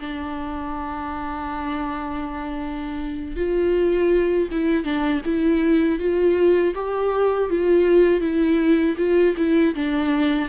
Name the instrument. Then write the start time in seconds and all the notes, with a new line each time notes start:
viola
0.00 D4
3.36 F4
4.51 E4
4.84 D4
5.25 E4
5.99 F4
6.75 G4
7.50 F4
8.21 E4
8.97 F4
9.37 E4
9.75 D4